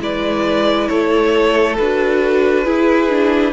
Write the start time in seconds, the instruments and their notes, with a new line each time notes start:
0.00 cello G#3, viola E4, violin B4 D5
0.88 cello A3, violin A4 C#5
1.77 cello D4, viola F#4, violin B4
2.65 viola E4, cello E4, violin G#4
3.10 viola D4